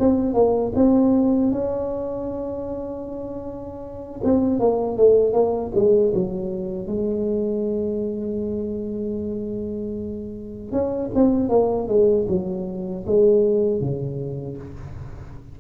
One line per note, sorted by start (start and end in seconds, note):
0.00 0.35 C4
0.35 0.73 A#3
0.76 1.52 C4
1.52 4.22 C#4
4.24 4.60 C4
4.60 4.98 A#3
4.98 5.34 A3
5.34 5.72 A#3
5.75 6.13 G#3
6.15 6.88 F#3
6.88 10.72 G#3
10.72 11.11 C#4
11.15 11.50 C4
11.50 11.88 A#3
11.88 12.27 G#3
12.29 13.06 F#3
13.07 13.81 G#3
13.81 14.58 C#3